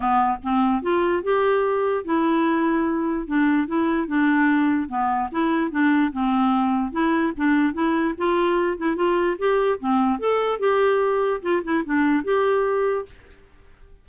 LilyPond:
\new Staff \with { instrumentName = "clarinet" } { \time 4/4 \tempo 4 = 147 b4 c'4 f'4 g'4~ | g'4 e'2. | d'4 e'4 d'2 | b4 e'4 d'4 c'4~ |
c'4 e'4 d'4 e'4 | f'4. e'8 f'4 g'4 | c'4 a'4 g'2 | f'8 e'8 d'4 g'2 | }